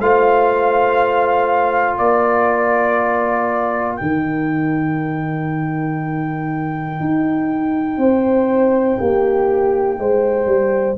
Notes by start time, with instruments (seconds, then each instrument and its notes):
0.00 tuba A3, trombone F4, horn C5, trumpet F5
1.98 tuba A#3, horn A#4, trumpet D5
3.96 tuba D#3, trombone D#4, trumpet G5
7.00 tuba D#4
7.98 tuba C4, horn C5
8.99 tuba A#3, horn G4
9.99 tuba G#3, horn C5
10.46 tuba G3